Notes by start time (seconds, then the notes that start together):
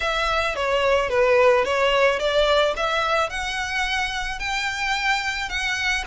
0.00 E5
0.55 C#5
1.09 B4
1.64 C#5
2.19 D5
2.76 E5
3.29 F#5
4.39 G5
5.49 F#5